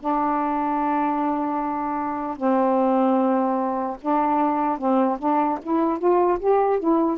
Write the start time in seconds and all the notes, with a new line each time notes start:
0.00 D4
2.37 C4
4.01 D4
4.79 C4
5.19 D4
5.63 E4
5.99 F4
6.40 G4
6.80 E4